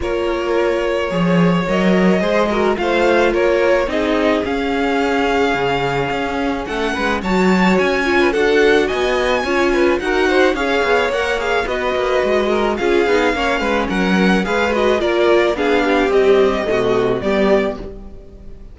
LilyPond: <<
  \new Staff \with { instrumentName = "violin" } { \time 4/4 \tempo 4 = 108 cis''2. dis''4~ | dis''4 f''4 cis''4 dis''4 | f''1 | fis''4 a''4 gis''4 fis''4 |
gis''2 fis''4 f''4 | fis''8 f''8 dis''2 f''4~ | f''4 fis''4 f''8 dis''8 d''4 | f''4 dis''2 d''4 | }
  \new Staff \with { instrumentName = "violin" } { \time 4/4 ais'2 cis''2 | c''8 ais'8 c''4 ais'4 gis'4~ | gis'1 | a'8 b'8 cis''4.~ cis''16 b'16 a'4 |
dis''4 cis''8 b'8 ais'8 c''8 cis''4~ | cis''4 b'4. ais'8 gis'4 | cis''8 b'8 ais'4 b'4 ais'4 | gis'8 g'4. fis'4 g'4 | }
  \new Staff \with { instrumentName = "viola" } { \time 4/4 f'2 gis'4 ais'4 | gis'8 fis'8 f'2 dis'4 | cis'1~ | cis'4 fis'4. f'8 fis'4~ |
fis'4 f'4 fis'4 gis'4 | ais'8 gis'8 fis'2 f'8 dis'8 | cis'2 gis'8 fis'8 f'4 | d'4 g4 a4 b4 | }
  \new Staff \with { instrumentName = "cello" } { \time 4/4 ais2 f4 fis4 | gis4 a4 ais4 c'4 | cis'2 cis4 cis'4 | a8 gis8 fis4 cis'4 d'4 |
b4 cis'4 dis'4 cis'8 b8 | ais4 b8 ais8 gis4 cis'8 b8 | ais8 gis8 fis4 gis4 ais4 | b4 c'4 c4 g4 | }
>>